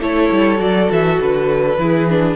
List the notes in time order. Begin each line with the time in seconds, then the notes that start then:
0.00 A3 E4 A4 C#5
0.32 G3
0.58 F#3 F#4 D5
0.90 E3 E5
1.21 D3 B4
1.78 E3 E4 G#4
2.10 D4